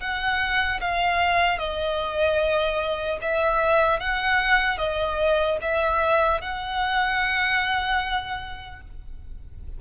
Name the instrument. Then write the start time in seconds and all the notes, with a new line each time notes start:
violin
0.00 F#5
0.81 F5
1.58 D#5
3.21 E5
4.00 F#5
4.77 D#5
5.61 E5
6.41 F#5